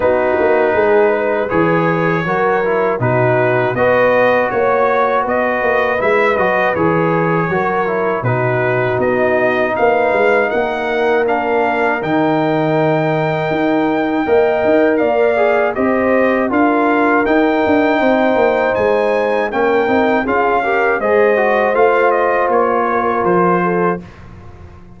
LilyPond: <<
  \new Staff \with { instrumentName = "trumpet" } { \time 4/4 \tempo 4 = 80 b'2 cis''2 | b'4 dis''4 cis''4 dis''4 | e''8 dis''8 cis''2 b'4 | dis''4 f''4 fis''4 f''4 |
g''1 | f''4 dis''4 f''4 g''4~ | g''4 gis''4 g''4 f''4 | dis''4 f''8 dis''8 cis''4 c''4 | }
  \new Staff \with { instrumentName = "horn" } { \time 4/4 fis'4 gis'8 b'4. ais'4 | fis'4 b'4 cis''4 b'4~ | b'2 ais'4 fis'4~ | fis'4 b'4 ais'2~ |
ais'2. dis''4 | d''4 c''4 ais'2 | c''2 ais'4 gis'8 ais'8 | c''2~ c''8 ais'4 a'8 | }
  \new Staff \with { instrumentName = "trombone" } { \time 4/4 dis'2 gis'4 fis'8 e'8 | dis'4 fis'2. | e'8 fis'8 gis'4 fis'8 e'8 dis'4~ | dis'2. d'4 |
dis'2. ais'4~ | ais'8 gis'8 g'4 f'4 dis'4~ | dis'2 cis'8 dis'8 f'8 g'8 | gis'8 fis'8 f'2. | }
  \new Staff \with { instrumentName = "tuba" } { \time 4/4 b8 ais8 gis4 e4 fis4 | b,4 b4 ais4 b8 ais8 | gis8 fis8 e4 fis4 b,4 | b4 ais8 gis8 ais2 |
dis2 dis'4 ais8 dis'8 | ais4 c'4 d'4 dis'8 d'8 | c'8 ais8 gis4 ais8 c'8 cis'4 | gis4 a4 ais4 f4 | }
>>